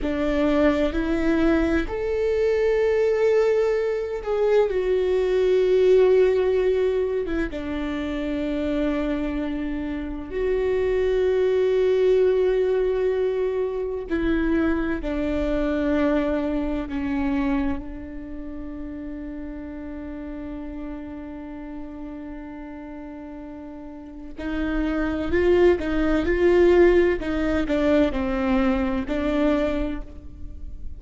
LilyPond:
\new Staff \with { instrumentName = "viola" } { \time 4/4 \tempo 4 = 64 d'4 e'4 a'2~ | a'8 gis'8 fis'2~ fis'8. e'16 | d'2. fis'4~ | fis'2. e'4 |
d'2 cis'4 d'4~ | d'1~ | d'2 dis'4 f'8 dis'8 | f'4 dis'8 d'8 c'4 d'4 | }